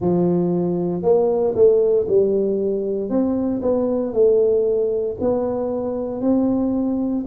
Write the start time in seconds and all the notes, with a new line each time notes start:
0.00 F3
1.02 A#3
1.55 A3
2.08 G3
3.09 C4
3.62 B3
4.13 A3
5.20 B3
6.21 C4